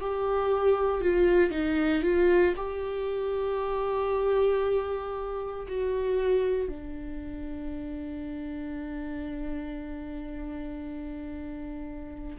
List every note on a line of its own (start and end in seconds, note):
0.00 1.01 G4
1.01 1.50 F4
1.50 2.02 D#4
2.02 2.54 F4
2.56 5.67 G4
5.68 6.68 F#4
6.68 12.37 D4